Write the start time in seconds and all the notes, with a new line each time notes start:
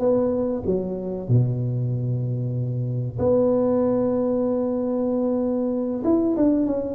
0.00 B3
0.66 F#3
1.29 B2
3.19 B3
6.04 E4
6.37 D4
6.67 C#4